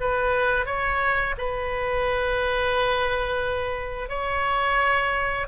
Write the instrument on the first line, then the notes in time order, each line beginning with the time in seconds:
oboe
0.00 B4
0.66 C#5
1.37 B4
4.09 C#5